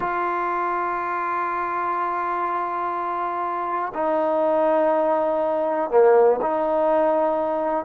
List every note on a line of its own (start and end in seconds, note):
0.00 3.92 F4
3.94 5.90 D#4
5.90 6.39 A#3
6.41 7.85 D#4